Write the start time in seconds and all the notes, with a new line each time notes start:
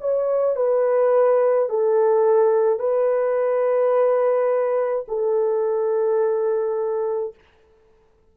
0.00 C#5
0.56 B4
1.69 A4
2.79 B4
5.08 A4